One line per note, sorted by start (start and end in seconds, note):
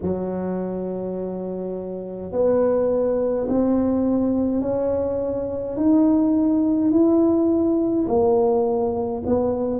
0.02 2.31 F#3
2.31 3.47 B3
3.48 4.62 C4
4.62 5.76 C#4
5.76 6.91 D#4
6.91 8.06 E4
8.07 9.23 A#3
9.26 9.80 B3